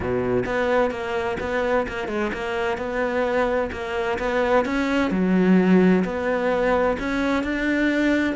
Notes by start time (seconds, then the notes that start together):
0.00 B2
0.45 B3
0.90 A#3
1.40 B3
1.88 A#3
2.08 G#3
2.33 A#3
2.77 B3
3.71 A#3
4.18 B3
4.65 C#4
5.11 F#3
6.04 B3
6.99 C#4
7.43 D4